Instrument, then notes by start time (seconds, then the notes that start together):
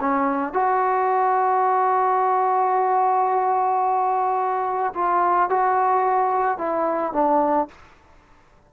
trombone
0.00 C#4
0.53 F#4
4.94 F4
5.49 F#4
6.58 E4
7.13 D4